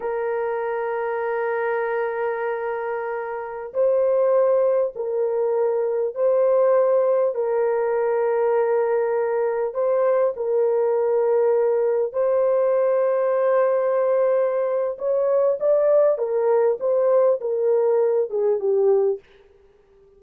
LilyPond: \new Staff \with { instrumentName = "horn" } { \time 4/4 \tempo 4 = 100 ais'1~ | ais'2~ ais'16 c''4.~ c''16~ | c''16 ais'2 c''4.~ c''16~ | c''16 ais'2.~ ais'8.~ |
ais'16 c''4 ais'2~ ais'8.~ | ais'16 c''2.~ c''8.~ | c''4 cis''4 d''4 ais'4 | c''4 ais'4. gis'8 g'4 | }